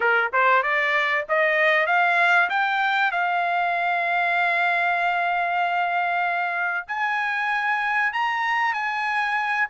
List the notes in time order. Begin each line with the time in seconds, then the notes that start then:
0.00 A#4
0.32 C5
0.62 D5
1.28 D#5
1.86 F5
2.49 G5
3.11 F5
6.87 G#5
8.12 A#5
8.73 G#5